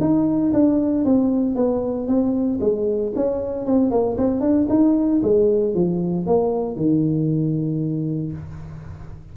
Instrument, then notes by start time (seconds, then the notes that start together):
tuba
0.00 D#4
0.53 D4
1.05 C4
1.55 B3
2.07 C4
2.60 G#3
3.15 C#4
3.65 C4
3.90 A#3
4.17 C4
4.40 D4
4.69 D#4
5.22 G#3
5.74 F3
6.26 A#3
6.76 D#3